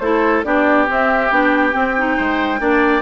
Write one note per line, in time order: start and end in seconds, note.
0.00 0.43 A3
0.00 0.45 E4
0.00 0.46 A4
0.00 0.43 C5
0.44 0.89 B3
0.44 0.87 D4
0.44 2.17 G4
0.44 0.87 D5
0.87 1.31 C4
0.87 1.32 E5
1.31 1.74 B3
1.31 1.73 D4
1.31 3.02 G5
1.73 1.94 C4
1.73 2.18 C4
1.98 2.59 D#4
2.17 2.60 G#3
2.17 2.60 C5
2.59 3.02 A#3
2.59 3.02 D4
2.59 3.02 D5